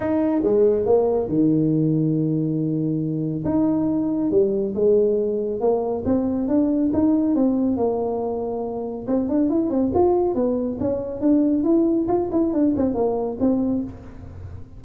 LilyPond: \new Staff \with { instrumentName = "tuba" } { \time 4/4 \tempo 4 = 139 dis'4 gis4 ais4 dis4~ | dis1 | dis'2 g4 gis4~ | gis4 ais4 c'4 d'4 |
dis'4 c'4 ais2~ | ais4 c'8 d'8 e'8 c'8 f'4 | b4 cis'4 d'4 e'4 | f'8 e'8 d'8 c'8 ais4 c'4 | }